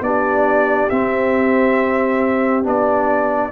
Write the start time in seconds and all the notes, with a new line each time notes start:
0.00 B3 D4 G4 D5
0.89 C4 E5
2.63 B3 D4 D5